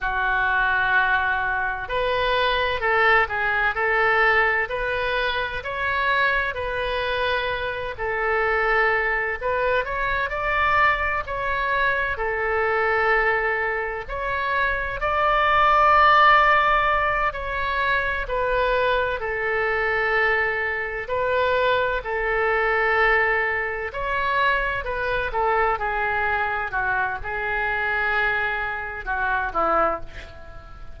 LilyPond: \new Staff \with { instrumentName = "oboe" } { \time 4/4 \tempo 4 = 64 fis'2 b'4 a'8 gis'8 | a'4 b'4 cis''4 b'4~ | b'8 a'4. b'8 cis''8 d''4 | cis''4 a'2 cis''4 |
d''2~ d''8 cis''4 b'8~ | b'8 a'2 b'4 a'8~ | a'4. cis''4 b'8 a'8 gis'8~ | gis'8 fis'8 gis'2 fis'8 e'8 | }